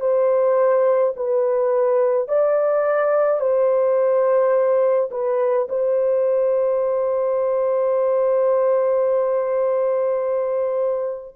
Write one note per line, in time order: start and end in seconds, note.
0.00 1.13 C5
1.16 2.28 B4
2.28 3.40 D5
3.40 5.09 C5
5.11 5.68 B4
5.69 11.35 C5